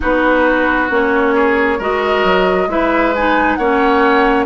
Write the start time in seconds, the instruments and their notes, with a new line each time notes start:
0.00 bassoon B3, clarinet D#4, oboe F#4, flute B4
0.89 bassoon A#3, clarinet C#4, flute C#5
1.35 oboe G#4
1.78 bassoon G#3, clarinet F#4, oboe A#4, flute D#5
2.24 bassoon F#3
2.67 bassoon G#3, clarinet E4, oboe B4, flute E5
3.15 clarinet D#4, flute G#5
3.55 bassoon A#3, clarinet C#4, oboe C#5, flute F#5